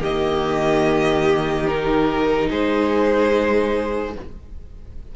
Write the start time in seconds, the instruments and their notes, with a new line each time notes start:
0.00 cello D#3, viola A#3, violin G4 D#5
1.67 viola D#4, violin A#4
2.49 cello G#3, violin G#4 C5